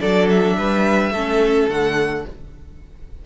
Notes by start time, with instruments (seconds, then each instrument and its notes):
0.00 cello F#3, viola D4, violin A4 D5
0.29 violin E5
0.58 cello G3, violin B4
1.11 cello A3, viola C#4, violin A4
1.69 cello D3, viola A3, violin F#5